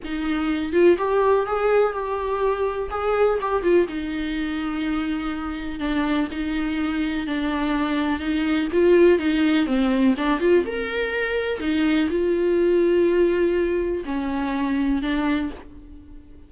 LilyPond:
\new Staff \with { instrumentName = "viola" } { \time 4/4 \tempo 4 = 124 dis'4. f'8 g'4 gis'4 | g'2 gis'4 g'8 f'8 | dis'1 | d'4 dis'2 d'4~ |
d'4 dis'4 f'4 dis'4 | c'4 d'8 f'8 ais'2 | dis'4 f'2.~ | f'4 cis'2 d'4 | }